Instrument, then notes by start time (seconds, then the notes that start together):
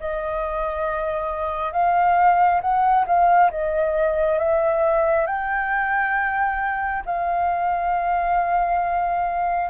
flute
0.00 D#5
1.72 F5
2.61 F#5
3.06 F5
3.51 D#5
4.39 E5
5.27 G5
7.05 F5